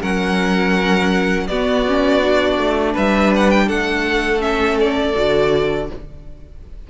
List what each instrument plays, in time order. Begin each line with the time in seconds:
0.00 cello F#3, viola C#4, violin A#4 F#5
1.47 cello B3, viola B3, violin F#4 D5
1.87 viola C#4
2.21 viola D4
2.57 cello A3
2.93 cello G3, violin B4 E5
3.36 violin F#5
3.50 violin G5
3.67 cello A3, violin A4 F#5
4.39 viola C#4, violin E5
4.79 violin D5
5.14 cello D3, viola F#4